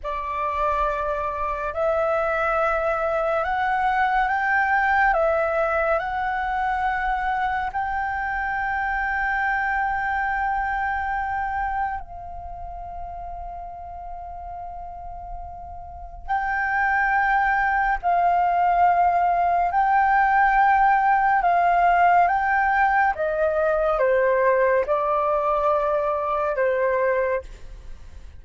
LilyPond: \new Staff \with { instrumentName = "flute" } { \time 4/4 \tempo 4 = 70 d''2 e''2 | fis''4 g''4 e''4 fis''4~ | fis''4 g''2.~ | g''2 f''2~ |
f''2. g''4~ | g''4 f''2 g''4~ | g''4 f''4 g''4 dis''4 | c''4 d''2 c''4 | }